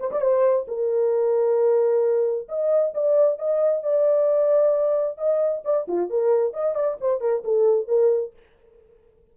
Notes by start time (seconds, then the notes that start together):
0.00 C5
0.11 D5
0.21 C5
0.68 A#4
2.49 D#5
2.94 D5
3.39 D#5
3.83 D5
5.18 D#5
5.65 D5
5.88 F4
6.10 A#4
6.54 D#5
6.75 D5
7.01 C5
7.21 A#4
7.44 A4
7.88 A#4